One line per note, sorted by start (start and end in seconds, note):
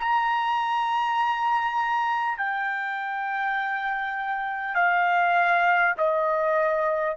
0.00 2.38 A#5
2.38 4.75 G5
4.75 5.95 F5
5.98 7.17 D#5